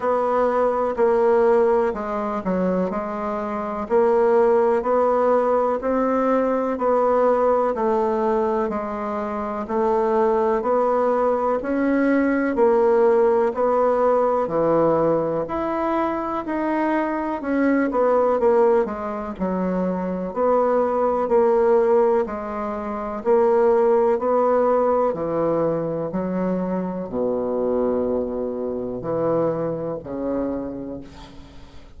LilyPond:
\new Staff \with { instrumentName = "bassoon" } { \time 4/4 \tempo 4 = 62 b4 ais4 gis8 fis8 gis4 | ais4 b4 c'4 b4 | a4 gis4 a4 b4 | cis'4 ais4 b4 e4 |
e'4 dis'4 cis'8 b8 ais8 gis8 | fis4 b4 ais4 gis4 | ais4 b4 e4 fis4 | b,2 e4 cis4 | }